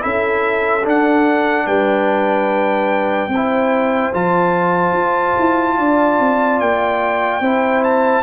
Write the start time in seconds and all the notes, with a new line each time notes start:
0.00 C#4 E4 A4 E5
0.84 D4 F#5
1.66 G3 B4 G5
3.29 C4 C5
3.36 E4
4.13 F3 F4 A5
4.93 F4
5.40 E4
5.79 D4 D5
6.20 C4
6.60 A#3 G5
7.40 C4 E4 C5
7.84 A5